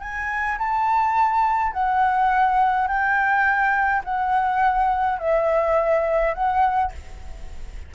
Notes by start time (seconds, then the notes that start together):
0.00 G#5
0.58 A5
1.73 F#5
2.87 G5
4.04 F#5
5.19 E5
6.34 F#5